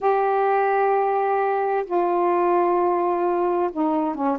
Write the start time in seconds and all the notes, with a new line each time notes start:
0.00 G4
1.85 F4
3.72 D#4
4.14 C#4